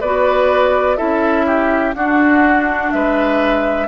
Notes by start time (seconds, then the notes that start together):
0.00 B3 F#4 B4 D5
0.96 C#4 E4 A4 E5
1.46 G4
1.94 D4 F#4 F#5
2.91 G#3 B4 E5